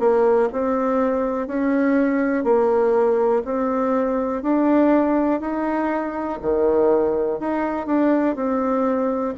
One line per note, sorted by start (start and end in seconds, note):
0.00 0.49 A#3
0.53 1.48 C4
1.48 2.45 C#4
2.45 3.43 A#3
3.45 4.43 C4
4.43 5.41 D4
5.41 6.39 D#4
6.42 7.40 D#3
7.40 7.86 D#4
7.86 8.36 D4
8.36 9.34 C4